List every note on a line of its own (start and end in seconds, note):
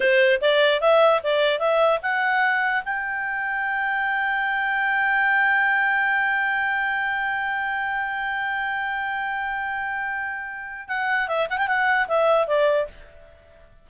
0.00 0.40 C5
0.41 0.81 D5
0.81 1.21 E5
1.23 1.59 D5
1.59 1.99 E5
2.02 2.83 F#5
2.84 10.88 G5
10.88 11.28 F#5
11.28 11.48 E5
11.49 11.57 F#5
11.57 11.67 G5
11.67 12.07 F#5
12.08 12.47 E5
12.47 12.87 D5